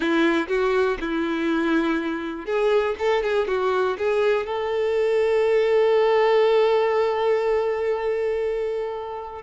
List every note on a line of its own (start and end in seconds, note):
0.00 0.47 E4
0.48 0.97 F#4
1.00 2.45 E4
2.45 2.95 G#4
2.98 3.22 A4
3.22 3.47 G#4
3.47 3.97 F#4
3.98 4.46 G#4
4.46 9.42 A4